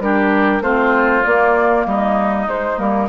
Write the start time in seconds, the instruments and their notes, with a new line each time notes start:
0.00 bassoon G3, clarinet D4, oboe G4, flute A#4
0.61 bassoon A3, clarinet C4, oboe F4, flute C5
1.24 clarinet A#3, bassoon A#3, flute D5
1.86 bassoon G3, oboe D#4, flute D#5
2.47 clarinet G#3, bassoon G#3, flute C5
2.78 bassoon G3, clarinet A#3, flute A#4